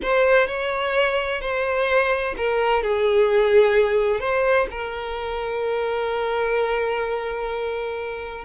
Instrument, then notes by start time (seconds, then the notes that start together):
violin
0.02 C5
0.47 C#5
1.41 C5
2.37 A#4
2.83 G#4
4.20 C5
4.70 A#4